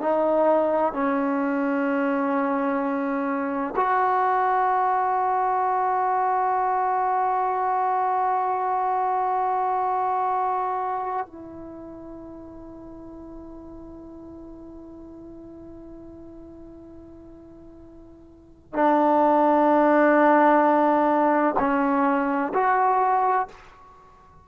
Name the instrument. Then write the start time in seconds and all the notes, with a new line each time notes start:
trombone
0.00 D#4
0.93 C#4
3.76 F#4
11.26 E4
18.73 D4
21.59 C#4
22.54 F#4